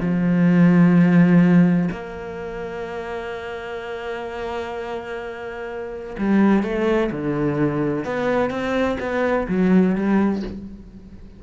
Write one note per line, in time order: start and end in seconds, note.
0.00 1.89 F3
1.91 6.16 A#3
6.18 6.63 G3
6.63 7.10 A3
7.11 8.05 D3
8.05 8.50 B3
8.50 8.97 C4
9.00 9.47 B3
9.48 9.95 F#3
9.95 10.42 G3